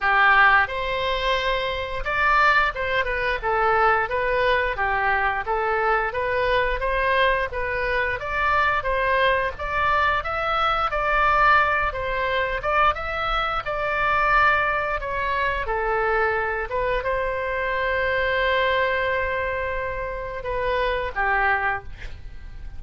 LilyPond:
\new Staff \with { instrumentName = "oboe" } { \time 4/4 \tempo 4 = 88 g'4 c''2 d''4 | c''8 b'8 a'4 b'4 g'4 | a'4 b'4 c''4 b'4 | d''4 c''4 d''4 e''4 |
d''4. c''4 d''8 e''4 | d''2 cis''4 a'4~ | a'8 b'8 c''2.~ | c''2 b'4 g'4 | }